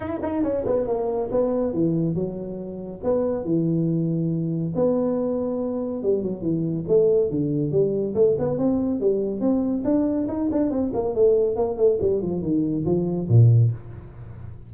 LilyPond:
\new Staff \with { instrumentName = "tuba" } { \time 4/4 \tempo 4 = 140 e'8 dis'8 cis'8 b8 ais4 b4 | e4 fis2 b4 | e2. b4~ | b2 g8 fis8 e4 |
a4 d4 g4 a8 b8 | c'4 g4 c'4 d'4 | dis'8 d'8 c'8 ais8 a4 ais8 a8 | g8 f8 dis4 f4 ais,4 | }